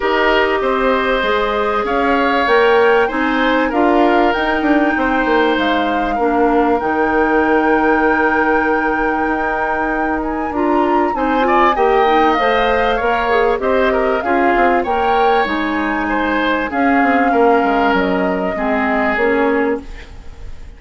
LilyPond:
<<
  \new Staff \with { instrumentName = "flute" } { \time 4/4 \tempo 4 = 97 dis''2. f''4 | g''4 gis''4 f''4 g''4~ | g''4 f''2 g''4~ | g''1~ |
g''8 gis''8 ais''4 gis''4 g''4 | f''2 dis''4 f''4 | g''4 gis''2 f''4~ | f''4 dis''2 cis''4 | }
  \new Staff \with { instrumentName = "oboe" } { \time 4/4 ais'4 c''2 cis''4~ | cis''4 c''4 ais'2 | c''2 ais'2~ | ais'1~ |
ais'2 c''8 d''8 dis''4~ | dis''4 cis''4 c''8 ais'8 gis'4 | cis''2 c''4 gis'4 | ais'2 gis'2 | }
  \new Staff \with { instrumentName = "clarinet" } { \time 4/4 g'2 gis'2 | ais'4 dis'4 f'4 dis'4~ | dis'2 d'4 dis'4~ | dis'1~ |
dis'4 f'4 dis'8 f'8 g'8 dis'8 | c''4 ais'8 gis'8 g'4 f'4 | ais'4 dis'2 cis'4~ | cis'2 c'4 cis'4 | }
  \new Staff \with { instrumentName = "bassoon" } { \time 4/4 dis'4 c'4 gis4 cis'4 | ais4 c'4 d'4 dis'8 d'8 | c'8 ais8 gis4 ais4 dis4~ | dis2. dis'4~ |
dis'4 d'4 c'4 ais4 | a4 ais4 c'4 cis'8 c'8 | ais4 gis2 cis'8 c'8 | ais8 gis8 fis4 gis4 ais4 | }
>>